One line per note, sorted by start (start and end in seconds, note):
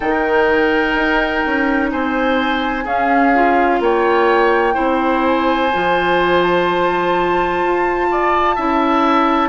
0.00 0.94 D#3
0.00 2.85 D#4
0.00 1.90 A#4
0.00 1.88 G5
0.94 1.42 D#4
1.46 1.92 C#4
1.91 2.85 C4
1.91 2.84 C5
1.91 2.86 G#5
2.84 3.80 C#4
2.84 3.33 C#4
2.84 3.79 G#4
2.84 3.81 F5
3.34 4.73 F4
3.80 4.75 A#3
3.80 4.74 C#5
3.80 5.24 G5
4.73 5.73 C4
4.73 5.68 E4
4.73 8.07 C5
5.24 6.43 G#5
5.73 7.63 F3
5.73 8.57 F4
6.43 9.49 A5
7.63 8.57 F4
8.11 8.55 D5
8.55 9.49 C#4
8.55 9.49 E4
8.55 9.49 E5